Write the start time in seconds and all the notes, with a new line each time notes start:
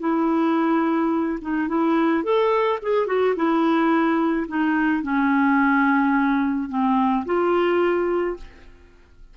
0.00 E4
1.41 D#4
1.68 E4
2.23 A4
2.82 G#4
3.07 F#4
3.36 E4
4.48 D#4
5.02 C#4
6.69 C4
7.26 F4